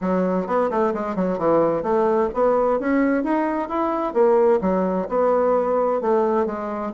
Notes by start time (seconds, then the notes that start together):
0.01 F#3
0.46 B3
0.70 A3
0.94 G#3
1.15 F#3
1.38 E3
1.83 A3
2.33 B3
2.79 C#4
3.23 D#4
3.68 E4
4.13 A#3
4.61 F#3
5.09 B3
6.01 A3
6.46 G#3